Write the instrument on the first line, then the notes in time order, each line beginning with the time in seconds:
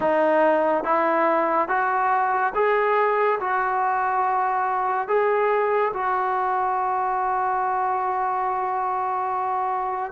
trombone
0.00 D#4
0.83 E4
1.68 F#4
2.54 G#4
3.40 F#4
5.07 G#4
5.93 F#4